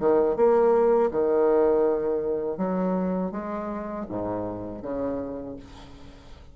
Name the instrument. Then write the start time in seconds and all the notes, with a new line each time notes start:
bassoon
0.00 D#3
0.37 A#3
1.11 D#3
2.58 F#3
3.32 G#3
4.10 G#2
4.83 C#3